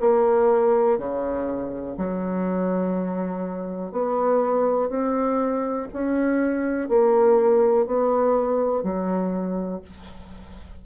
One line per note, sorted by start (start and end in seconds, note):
0.00 0.98 A#3
0.98 1.96 C#3
1.97 3.92 F#3
3.92 4.89 B3
4.89 5.87 C4
5.93 6.89 C#4
6.89 7.86 A#3
7.86 8.83 B3
8.83 9.81 F#3